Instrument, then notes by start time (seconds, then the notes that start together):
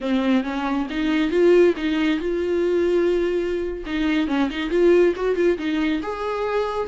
viola
0.00 C4
0.43 C#4
0.90 D#4
1.30 F4
1.76 D#4
2.19 F4
3.86 D#4
4.27 C#4
4.50 D#4
4.70 F4
5.16 F#4
5.35 F4
5.57 D#4
6.02 G#4